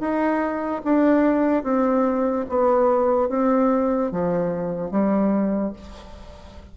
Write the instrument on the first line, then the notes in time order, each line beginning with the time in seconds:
bassoon
0.00 D#4
0.84 D4
1.64 C4
2.49 B3
3.29 C4
4.11 F3
4.91 G3